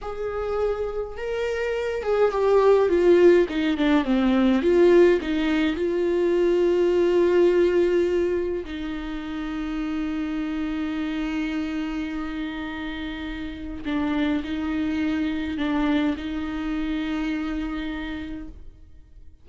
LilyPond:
\new Staff \with { instrumentName = "viola" } { \time 4/4 \tempo 4 = 104 gis'2 ais'4. gis'8 | g'4 f'4 dis'8 d'8 c'4 | f'4 dis'4 f'2~ | f'2. dis'4~ |
dis'1~ | dis'1 | d'4 dis'2 d'4 | dis'1 | }